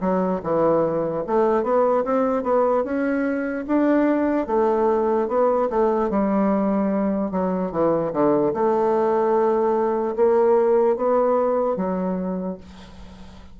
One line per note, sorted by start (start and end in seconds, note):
0.00 0.41 F#3
0.43 1.24 E3
1.27 1.63 A3
1.63 2.04 B3
2.05 2.43 C4
2.43 2.84 B3
2.84 3.65 C#4
3.67 4.47 D4
4.47 5.28 A3
5.28 5.69 B3
5.70 6.10 A3
6.10 7.31 G3
7.31 7.72 F#3
7.72 8.12 E3
8.13 8.53 D3
8.54 10.16 A3
10.16 10.96 A#3
10.96 11.76 B3
11.76 12.57 F#3